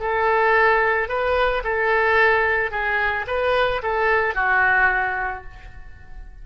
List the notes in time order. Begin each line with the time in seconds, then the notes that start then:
0.00 A4
1.09 B4
1.64 A4
2.71 G#4
3.27 B4
3.83 A4
4.35 F#4